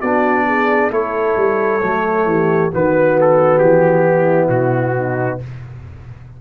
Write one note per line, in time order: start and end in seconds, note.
0.00 0.90 B3
0.00 0.91 D4
0.00 0.45 F#4
0.00 0.90 D5
0.46 0.91 G#4
0.90 1.35 A3
0.90 1.80 E4
0.90 2.26 A4
0.90 2.72 C#5
1.36 1.81 G3
1.82 2.26 F#3
1.82 2.72 A3
2.26 2.70 E3
2.26 2.71 G4
2.71 3.61 D#3
2.71 5.41 B3
2.71 4.06 F#4
2.71 3.19 B4
3.20 3.58 A4
3.58 4.49 E3
3.58 4.48 G4
4.06 4.96 E4
4.49 5.38 B2
4.49 5.38 F#4
4.96 5.40 D#4